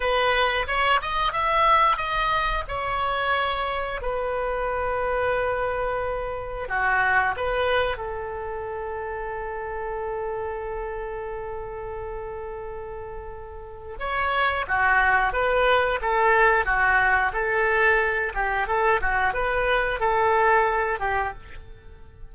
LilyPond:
\new Staff \with { instrumentName = "oboe" } { \time 4/4 \tempo 4 = 90 b'4 cis''8 dis''8 e''4 dis''4 | cis''2 b'2~ | b'2 fis'4 b'4 | a'1~ |
a'1~ | a'4 cis''4 fis'4 b'4 | a'4 fis'4 a'4. g'8 | a'8 fis'8 b'4 a'4. g'8 | }